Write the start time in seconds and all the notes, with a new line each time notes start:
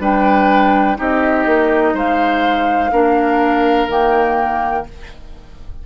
0.00 G3 D4 B4 G5
0.97 C4 D#4 G4 D#5
1.46 A#3
1.94 G#3 C5 F5
2.92 A#3 D4 A#4
3.88 D#3 A#3 G5